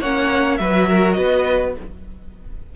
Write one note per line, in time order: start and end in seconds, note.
0.00 0.59 A#3
0.00 0.59 C#4
0.00 0.58 C#5
0.00 0.57 F#5
0.57 1.18 F#3
0.57 1.76 F#4
0.57 0.89 B4
0.57 1.12 E5
0.89 1.17 A#4
1.12 1.76 B3
1.12 1.75 B4
1.12 1.71 D#5